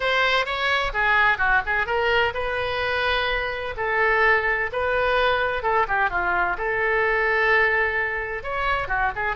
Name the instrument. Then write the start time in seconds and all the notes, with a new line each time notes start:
oboe
0.00 C5
0.45 C#5
0.93 G#4
1.38 F#4
1.65 G#4
1.86 A#4
2.34 B4
3.76 A4
4.72 B4
5.62 A4
5.88 G4
6.10 F4
6.57 A4
8.43 C#5
8.88 F#4
9.15 G#4